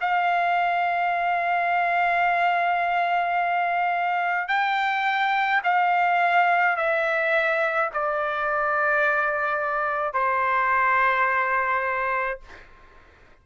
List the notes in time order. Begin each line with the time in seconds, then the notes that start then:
0.00 F5
4.48 G5
5.63 F5
6.76 E5
7.93 D5
10.13 C5